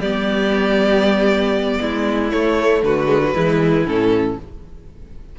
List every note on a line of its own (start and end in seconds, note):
0.00 1.79 G3
0.00 2.31 B3
0.00 1.80 G4
0.00 2.31 D5
1.81 2.33 G#3
1.81 2.84 E4
2.31 3.07 A3
2.31 2.83 A3
2.31 2.82 C#5
2.83 3.35 D3
2.83 3.34 F#4
2.83 3.87 B4
3.07 3.20 G#3
3.23 3.34 F#3
3.34 3.85 E3
3.34 3.85 G#3
3.34 4.37 E4
3.85 4.37 A2
3.85 4.38 C#4
3.85 4.39 A4